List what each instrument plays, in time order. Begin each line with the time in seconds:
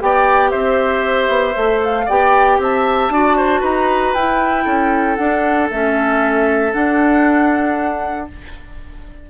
0.00 bassoon B3, clarinet G4, oboe D5, flute G5
0.50 bassoon C4, oboe C5, flute E5
1.29 bassoon B3
1.55 bassoon A3, clarinet A4
1.84 flute F5
2.06 bassoon B3, clarinet G4, oboe D5, flute G5
2.59 bassoon C4, oboe E5, flute A5
3.09 bassoon D4, clarinet F#4, oboe D5
3.37 oboe C5
3.60 bassoon D#4, oboe B4, flute A#5
4.14 bassoon E4, clarinet E4, flute G5
4.64 bassoon C#4, oboe A4
5.16 bassoon D4, clarinet D4, flute F#5
5.71 bassoon A3, clarinet C#4, flute E5
6.72 clarinet D4, bassoon D4, flute F#5